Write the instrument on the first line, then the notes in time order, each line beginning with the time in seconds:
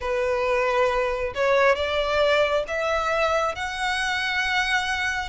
violin
0.00 B4
1.35 C#5
1.75 D5
2.67 E5
3.55 F#5